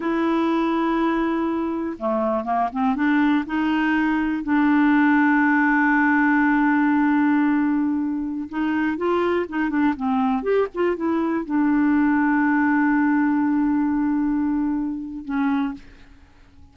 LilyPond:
\new Staff \with { instrumentName = "clarinet" } { \time 4/4 \tempo 4 = 122 e'1 | a4 ais8 c'8 d'4 dis'4~ | dis'4 d'2.~ | d'1~ |
d'4~ d'16 dis'4 f'4 dis'8 d'16~ | d'16 c'4 g'8 f'8 e'4 d'8.~ | d'1~ | d'2. cis'4 | }